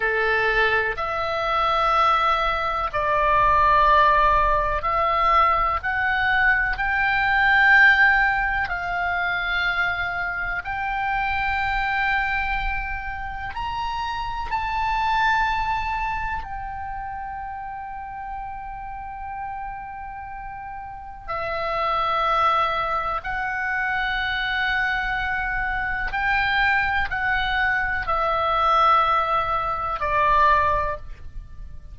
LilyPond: \new Staff \with { instrumentName = "oboe" } { \time 4/4 \tempo 4 = 62 a'4 e''2 d''4~ | d''4 e''4 fis''4 g''4~ | g''4 f''2 g''4~ | g''2 ais''4 a''4~ |
a''4 g''2.~ | g''2 e''2 | fis''2. g''4 | fis''4 e''2 d''4 | }